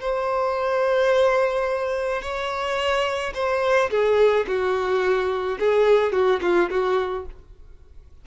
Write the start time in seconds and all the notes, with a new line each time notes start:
0.00 C5
2.22 C#5
3.34 C5
3.90 G#4
4.47 F#4
5.59 G#4
6.12 F#4
6.41 F4
6.70 F#4